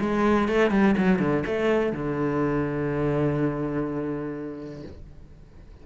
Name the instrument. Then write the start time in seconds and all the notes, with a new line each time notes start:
cello
0.00 G#3
0.48 A3
0.71 G3
0.98 F#3
1.19 D3
1.46 A3
1.93 D3